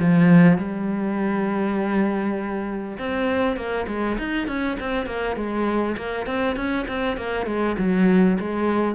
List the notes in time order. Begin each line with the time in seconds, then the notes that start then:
0.00 F3
0.58 G3
2.99 C4
3.56 A#3
3.88 G#3
4.19 D#4
4.48 C#4
4.80 C4
5.06 A#3
5.36 G#3
5.97 A#3
6.26 C4
6.56 C#4
6.88 C4
7.17 A#3
7.46 G#3
7.79 F#3
8.39 G#3